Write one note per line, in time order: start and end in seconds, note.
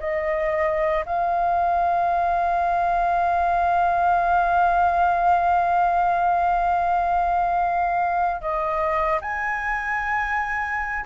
0.00 1.05 D#5
1.06 8.42 F5
8.42 9.21 D#5
9.22 11.06 G#5